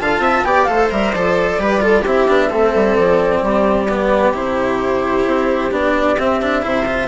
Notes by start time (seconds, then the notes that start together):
0.00 D3 F4 F5 A5
0.19 C4 E5
0.44 B3 G4 D5 G5
0.65 A3 A4 C5 F5
0.91 G3 A#4 E5
1.12 F3 A4 D5
1.59 G3 G4 B4
1.80 F4 A4
2.02 C4 E4 G4 E5
2.28 B3 D4
2.49 A3 C4 A4
2.75 G3
2.96 F3 D5
3.43 G3 G4
3.89 B3
4.33 C3 E4 C5
5.27 C4
5.71 B3 D4 D5
6.19 C4 E5
6.42 D4
6.62 C3 E4 C5
6.86 F4